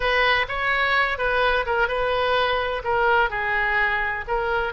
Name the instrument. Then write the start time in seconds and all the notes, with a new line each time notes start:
oboe
0.00 B4
0.48 C#5
1.18 B4
1.66 A#4
1.88 B4
2.83 A#4
3.30 G#4
4.27 A#4